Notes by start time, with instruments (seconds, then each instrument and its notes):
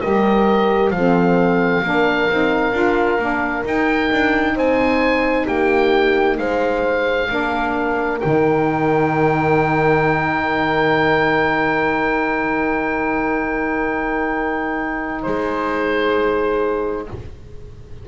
0.00 double bass G3, saxophone G4, horn A#4, oboe D#5
0.91 double bass F3, saxophone C4, oboe F5
0.97 horn A4
1.83 double bass A#3, saxophone D4, horn A#4
2.30 double bass C4, saxophone D#4
2.72 double bass D4, saxophone F4
3.19 double bass A#3, saxophone D4
3.64 saxophone D#4, double bass D#4, oboe G5
4.12 double bass D4
4.55 double bass C4, horn C5, oboe G#5
5.46 double bass A#3, horn G4, oboe G5
6.37 double bass G#3, horn C5, oboe F5
7.28 double bass A#3, saxophone D4, horn A#4
8.20 double bass D#3, saxophone D#4, oboe G5
15.23 double bass G#3, horn G#4, oboe C5